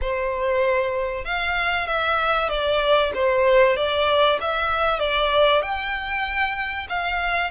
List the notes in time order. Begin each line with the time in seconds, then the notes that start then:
0.01 C5
1.24 F5
1.87 E5
2.49 D5
3.14 C5
3.76 D5
4.40 E5
4.99 D5
5.62 G5
6.89 F5